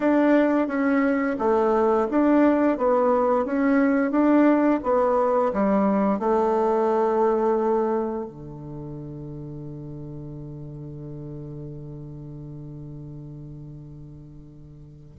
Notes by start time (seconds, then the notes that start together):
0.00 D4
0.67 C#4
1.38 A3
2.10 D4
2.77 B3
3.45 C#4
4.11 D4
4.83 B3
5.53 G3
6.19 A3
8.25 D3